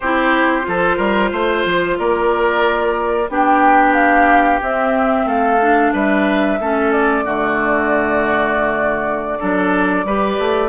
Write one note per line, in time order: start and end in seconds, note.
0.00 0.67 C4
0.00 0.62 E4
0.00 0.66 G4
0.00 1.97 C5
0.62 0.98 F3
0.62 3.25 F4
0.68 0.96 A4
0.96 1.31 G3
0.96 1.29 A#4
1.32 1.65 A3
1.32 1.98 C5
1.65 1.98 F3
1.98 3.28 A#3
1.98 3.30 A#4
1.98 3.29 D5
3.28 4.60 B3
3.28 4.61 D4
3.28 5.26 G4
3.28 3.93 G5
3.93 4.59 F5
4.61 5.60 C4
4.61 5.25 C4
4.61 5.27 E5
5.25 5.91 A3
5.25 5.92 A4
5.25 5.93 F5
5.60 6.59 D4
5.93 6.59 G3
5.93 6.59 B4
5.93 6.91 E5
6.60 7.25 A3
6.60 7.24 C#4
6.60 7.24 A4
6.91 10.69 D5
7.24 9.39 D3
7.24 9.39 A3
7.24 9.39 F#4
9.39 10.04 F#3
9.39 10.05 D4
9.39 10.05 A4
10.04 10.37 G3
10.04 10.69 G4
10.04 10.69 B4
10.38 10.69 A3